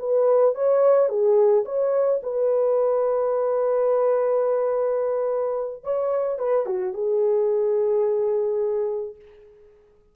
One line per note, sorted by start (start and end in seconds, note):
0.00 0.55 B4
0.55 1.09 C#5
1.09 1.65 G#4
1.66 2.21 C#5
2.23 5.84 B4
5.84 6.39 C#5
6.39 6.66 B4
6.66 6.94 F#4
6.94 9.16 G#4